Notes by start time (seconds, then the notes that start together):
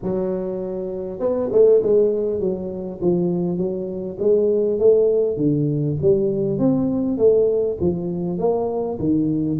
0.02 F#3
1.19 B3
1.52 A3
1.82 G#3
2.40 F#3
3.01 F3
3.57 F#3
4.19 G#3
4.79 A3
5.36 D3
6.01 G3
6.58 C4
7.17 A3
7.80 F3
8.38 A#3
8.99 D#3